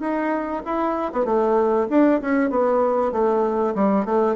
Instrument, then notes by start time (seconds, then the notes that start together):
bassoon
0.00 D#4
0.65 E4
1.12 B3
1.25 A3
1.89 D4
2.21 C#4
2.50 B3
3.12 A3
3.75 G3
4.05 A3